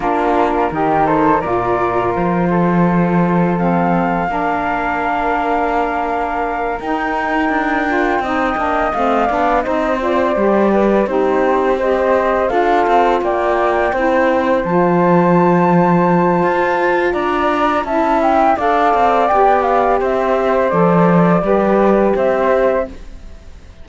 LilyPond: <<
  \new Staff \with { instrumentName = "flute" } { \time 4/4 \tempo 4 = 84 ais'4. c''8 d''4 c''4~ | c''4 f''2.~ | f''4. g''2~ g''8~ | g''8 f''4 dis''8 d''4. c''8~ |
c''8 dis''4 f''4 g''4.~ | g''8 a''2.~ a''8 | ais''4 a''8 g''8 f''4 g''8 f''8 | e''4 d''2 e''4 | }
  \new Staff \with { instrumentName = "flute" } { \time 4/4 f'4 g'8 a'8 ais'4. a'8~ | a'2 ais'2~ | ais'2.~ ais'8 dis''8~ | dis''4 d''8 c''4. b'8 g'8~ |
g'8 c''4 a'4 d''4 c''8~ | c''1 | d''4 e''4 d''2 | c''2 b'4 c''4 | }
  \new Staff \with { instrumentName = "saxophone" } { \time 4/4 d'4 dis'4 f'2~ | f'4 c'4 d'2~ | d'4. dis'4. f'8 dis'8 | d'8 c'8 d'8 dis'8 f'8 g'4 dis'8~ |
dis'8 g'4 f'2 e'8~ | e'8 f'2.~ f'8~ | f'4 e'4 a'4 g'4~ | g'4 a'4 g'2 | }
  \new Staff \with { instrumentName = "cello" } { \time 4/4 ais4 dis4 ais,4 f4~ | f2 ais2~ | ais4. dis'4 d'4 c'8 | ais8 a8 b8 c'4 g4 c'8~ |
c'4. d'8 c'8 ais4 c'8~ | c'8 f2~ f8 f'4 | d'4 cis'4 d'8 c'8 b4 | c'4 f4 g4 c'4 | }
>>